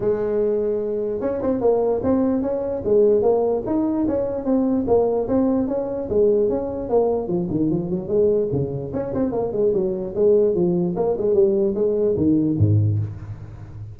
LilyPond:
\new Staff \with { instrumentName = "tuba" } { \time 4/4 \tempo 4 = 148 gis2. cis'8 c'8 | ais4 c'4 cis'4 gis4 | ais4 dis'4 cis'4 c'4 | ais4 c'4 cis'4 gis4 |
cis'4 ais4 f8 dis8 f8 fis8 | gis4 cis4 cis'8 c'8 ais8 gis8 | fis4 gis4 f4 ais8 gis8 | g4 gis4 dis4 gis,4 | }